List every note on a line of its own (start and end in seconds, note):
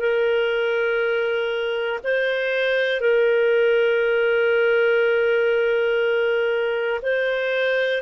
0.00 2.00 A#4
2.04 3.00 C5
3.00 7.00 A#4
7.02 8.02 C5